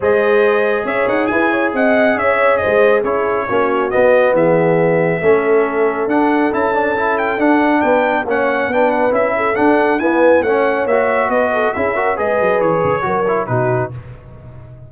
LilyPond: <<
  \new Staff \with { instrumentName = "trumpet" } { \time 4/4 \tempo 4 = 138 dis''2 e''8 fis''8 gis''4 | fis''4 e''4 dis''4 cis''4~ | cis''4 dis''4 e''2~ | e''2 fis''4 a''4~ |
a''8 g''8 fis''4 g''4 fis''4 | g''8 fis''8 e''4 fis''4 gis''4 | fis''4 e''4 dis''4 e''4 | dis''4 cis''2 b'4 | }
  \new Staff \with { instrumentName = "horn" } { \time 4/4 c''2 cis''4 b'8 cis''8 | dis''4 cis''4 c''4 gis'4 | fis'2 gis'2 | a'1~ |
a'2 b'4 cis''4 | b'4. a'4. b'4 | cis''2 b'8 a'8 gis'8 ais'8 | b'2 ais'4 fis'4 | }
  \new Staff \with { instrumentName = "trombone" } { \time 4/4 gis'1~ | gis'2. e'4 | cis'4 b2. | cis'2 d'4 e'8 d'8 |
e'4 d'2 cis'4 | d'4 e'4 d'4 b4 | cis'4 fis'2 e'8 fis'8 | gis'2 fis'8 e'8 dis'4 | }
  \new Staff \with { instrumentName = "tuba" } { \time 4/4 gis2 cis'8 dis'8 e'4 | c'4 cis'4 gis4 cis'4 | ais4 b4 e2 | a2 d'4 cis'4~ |
cis'4 d'4 b4 ais4 | b4 cis'4 d'4 e'4 | a4 ais4 b4 cis'4 | gis8 fis8 e8 cis8 fis4 b,4 | }
>>